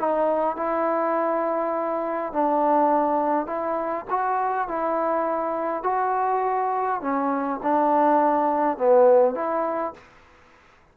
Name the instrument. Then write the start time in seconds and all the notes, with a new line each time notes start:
trombone
0.00 D#4
0.57 E4
2.33 D4
3.47 E4
4.10 F#4
4.68 E4
5.84 F#4
7.01 C#4
7.63 D4
8.78 B3
9.35 E4